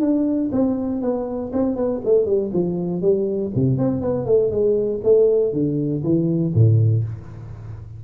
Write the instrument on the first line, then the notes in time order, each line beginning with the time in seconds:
tuba
0.00 D4
0.52 C4
1.01 B3
1.52 C4
1.75 B3
2.05 A3
2.25 G3
2.53 F3
3.01 G3
3.55 C3
3.77 C4
4.01 B3
4.25 A3
4.50 G#3
5.03 A3
5.52 D3
6.03 E3
6.54 A2